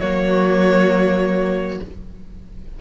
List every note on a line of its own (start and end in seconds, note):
0.00 1.80 F#3
0.00 1.80 A#3
0.00 1.79 F#4
0.00 1.79 C#5